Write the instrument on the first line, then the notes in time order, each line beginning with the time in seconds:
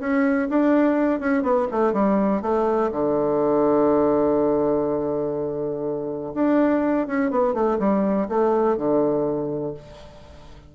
bassoon
0.00 C#4
0.49 D4
1.20 C#4
1.43 B3
1.71 A3
1.93 G3
2.42 A3
2.92 D3
6.34 D4
7.07 C#4
7.31 B3
7.54 A3
7.79 G3
8.29 A3
8.77 D3